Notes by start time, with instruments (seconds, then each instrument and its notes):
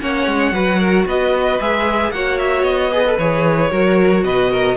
0.00 cello A#3, viola C#4, violin C#5 F#5
0.27 cello G#3
0.52 cello F#3, viola F#4, violin B4
0.79 violin A#4
1.06 cello B3, violin B4 D#5
1.60 cello G#3, viola G#4, violin E5
2.11 cello A#3, viola F#4, violin C#5 F#5
2.38 violin E5
2.63 cello B3, violin D#5
2.92 viola G#4, violin B4
3.07 viola A4
3.18 cello E3, viola G#4, violin C#5
3.71 cello F#3, viola F#4, violin A#4
4.24 cello B2, violin B4 D#5
4.51 violin A#4